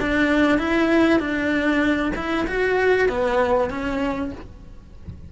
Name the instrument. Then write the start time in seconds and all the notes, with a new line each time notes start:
cello
0.00 D4
0.59 E4
1.19 D4
2.15 E4
2.47 F#4
3.09 B3
3.70 C#4